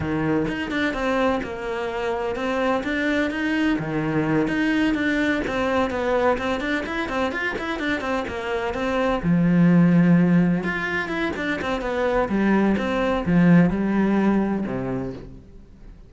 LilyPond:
\new Staff \with { instrumentName = "cello" } { \time 4/4 \tempo 4 = 127 dis4 dis'8 d'8 c'4 ais4~ | ais4 c'4 d'4 dis'4 | dis4. dis'4 d'4 c'8~ | c'8 b4 c'8 d'8 e'8 c'8 f'8 |
e'8 d'8 c'8 ais4 c'4 f8~ | f2~ f8 f'4 e'8 | d'8 c'8 b4 g4 c'4 | f4 g2 c4 | }